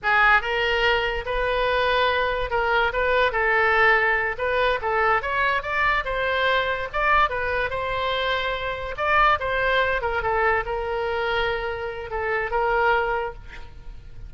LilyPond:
\new Staff \with { instrumentName = "oboe" } { \time 4/4 \tempo 4 = 144 gis'4 ais'2 b'4~ | b'2 ais'4 b'4 | a'2~ a'8 b'4 a'8~ | a'8 cis''4 d''4 c''4.~ |
c''8 d''4 b'4 c''4.~ | c''4. d''4 c''4. | ais'8 a'4 ais'2~ ais'8~ | ais'4 a'4 ais'2 | }